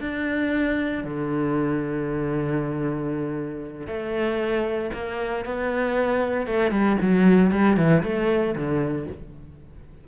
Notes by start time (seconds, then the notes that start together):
0.00 D4
1.04 D3
3.87 A3
4.93 A#3
5.45 B3
6.47 A3
6.71 G3
7.01 F#3
7.51 G3
7.77 E3
8.03 A3
8.55 D3